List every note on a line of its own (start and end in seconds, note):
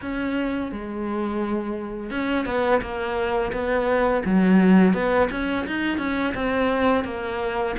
0.01 0.71 C#4
0.71 2.10 G#3
2.10 2.45 C#4
2.45 2.80 B3
2.81 3.52 A#3
3.52 4.23 B3
4.25 4.93 F#3
4.93 5.28 B3
5.31 5.66 C#4
5.66 5.98 D#4
5.98 6.33 C#4
6.34 7.04 C4
7.04 7.75 A#3